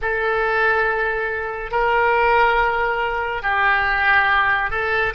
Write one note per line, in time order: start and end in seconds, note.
0.01 1.71 A4
1.71 3.42 A#4
3.42 4.70 G4
4.70 5.13 A4